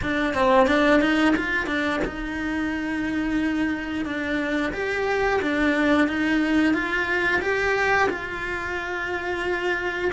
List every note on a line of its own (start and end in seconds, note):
0.02 0.34 D4
0.34 0.67 C4
0.67 1.01 D4
1.01 1.34 D#4
1.36 1.66 F4
1.66 1.99 D4
2.04 4.05 D#4
4.05 4.72 D4
4.73 5.40 G4
5.41 6.07 D4
6.07 6.73 D#4
6.73 7.40 F4
7.41 8.08 G4
8.09 10.11 F4